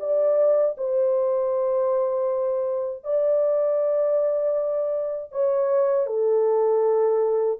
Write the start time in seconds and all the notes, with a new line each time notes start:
0.00 D5
0.77 C5
3.04 D5
5.32 C#5
6.07 A4